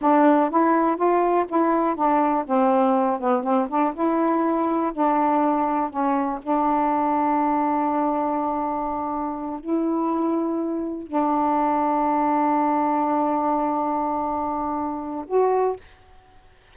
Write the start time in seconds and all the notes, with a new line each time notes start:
0.01 D4
0.50 E4
0.96 F4
1.48 E4
1.95 D4
2.46 C4
3.19 B3
3.43 C4
3.68 D4
3.93 E4
4.93 D4
5.90 C#4
6.42 D4
9.59 E4
11.07 D4
15.27 F#4